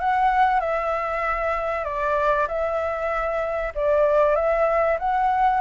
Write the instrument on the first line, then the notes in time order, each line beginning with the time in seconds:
flute
0.00 F#5
0.61 E5
1.85 D5
2.48 E5
3.75 D5
4.36 E5
4.99 F#5